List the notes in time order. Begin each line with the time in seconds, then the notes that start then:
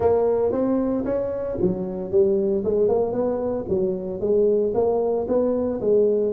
0.00 A#3
0.51 C4
1.05 C#4
1.61 F#3
2.11 G3
2.64 G#3
2.88 A#3
3.12 B3
3.69 F#3
4.20 G#3
4.74 A#3
5.28 B3
5.81 G#3